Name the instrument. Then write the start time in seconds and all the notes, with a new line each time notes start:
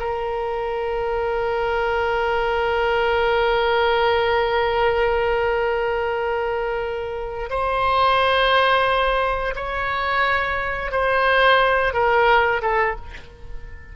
oboe
0.00 A#4
7.50 C5
9.56 C#5
10.92 C5
11.94 A#4
12.62 A4